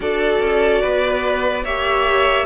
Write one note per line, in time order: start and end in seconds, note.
0.00 0.39 D4
0.00 1.63 F#4
0.00 0.81 A4
0.00 1.65 D5
0.40 0.81 C#4
0.81 1.64 B3
0.81 1.63 B4
1.64 2.46 A#3
1.64 2.46 G4
1.64 2.46 C#5
1.64 2.46 E5